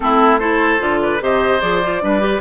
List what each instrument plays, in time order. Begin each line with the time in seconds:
0.00 bassoon A3, clarinet C4, oboe E4, flute A4
0.38 clarinet E4, oboe A4, flute C5
0.79 bassoon D3, clarinet F4
1.01 oboe B4, flute D5
1.20 bassoon C3, clarinet G4, oboe C5, flute D#5
1.60 bassoon F3, clarinet G#4, flute D5
1.82 clarinet F4
2.01 bassoon G3, clarinet D4, oboe B4
2.19 clarinet G4